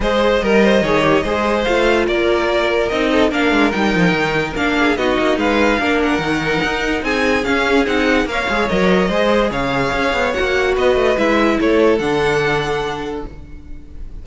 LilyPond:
<<
  \new Staff \with { instrumentName = "violin" } { \time 4/4 \tempo 4 = 145 dis''1 | f''4 d''2 dis''4 | f''4 g''2 f''4 | dis''4 f''4. fis''4.~ |
fis''4 gis''4 f''4 fis''4 | f''4 dis''2 f''4~ | f''4 fis''4 dis''4 e''4 | cis''4 fis''2. | }
  \new Staff \with { instrumentName = "violin" } { \time 4/4 c''4 ais'8 c''8 cis''4 c''4~ | c''4 ais'2~ ais'8 a'8 | ais'2.~ ais'8 gis'8 | fis'4 b'4 ais'2~ |
ais'4 gis'2. | cis''2 c''4 cis''4~ | cis''2 b'2 | a'1 | }
  \new Staff \with { instrumentName = "viola" } { \time 4/4 gis'4 ais'4 gis'8 g'8 gis'4 | f'2. dis'4 | d'4 dis'2 d'4 | dis'2 d'4 dis'4~ |
dis'2 cis'4 dis'4 | ais'8 gis'8 ais'4 gis'2~ | gis'4 fis'2 e'4~ | e'4 d'2. | }
  \new Staff \with { instrumentName = "cello" } { \time 4/4 gis4 g4 dis4 gis4 | a4 ais2 c'4 | ais8 gis8 g8 f8 dis4 ais4 | b8 ais8 gis4 ais4 dis4 |
dis'4 c'4 cis'4 c'4 | ais8 gis8 fis4 gis4 cis4 | cis'8 b8 ais4 b8 a8 gis4 | a4 d2. | }
>>